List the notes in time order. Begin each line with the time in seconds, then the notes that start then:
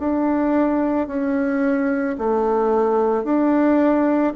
0.00 D4
1.08 C#4
2.19 A3
3.25 D4